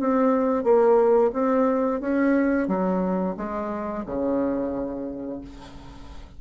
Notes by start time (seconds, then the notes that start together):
0.00 C4
0.64 A#3
1.33 C4
2.01 C#4
2.68 F#3
3.37 G#3
4.06 C#3